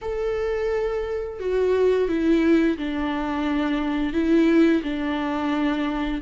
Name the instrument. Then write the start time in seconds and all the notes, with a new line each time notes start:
viola
0.01 A4
1.39 F#4
2.08 E4
2.77 D4
4.13 E4
4.82 D4